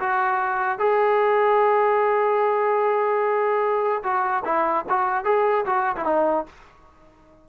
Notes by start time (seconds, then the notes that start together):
0.00 F#4
0.79 G#4
4.04 F#4
4.45 E4
4.89 F#4
5.25 G#4
5.66 F#4
5.97 E4
6.06 D#4